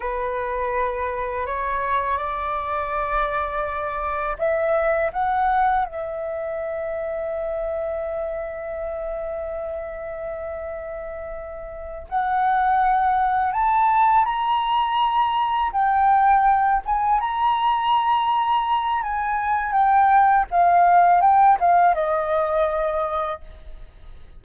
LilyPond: \new Staff \with { instrumentName = "flute" } { \time 4/4 \tempo 4 = 82 b'2 cis''4 d''4~ | d''2 e''4 fis''4 | e''1~ | e''1~ |
e''8 fis''2 a''4 ais''8~ | ais''4. g''4. gis''8 ais''8~ | ais''2 gis''4 g''4 | f''4 g''8 f''8 dis''2 | }